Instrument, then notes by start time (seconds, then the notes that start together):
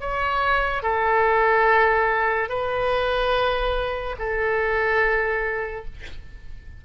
oboe
0.00 C#5
0.83 A4
2.49 B4
4.19 A4